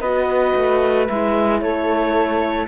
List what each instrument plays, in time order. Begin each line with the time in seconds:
0.00 cello B3, horn F#4, flute B4, clarinet D#5
0.55 cello A3
1.07 cello G#3, horn E4, clarinet E5
1.60 cello A3, flute A4, clarinet C#5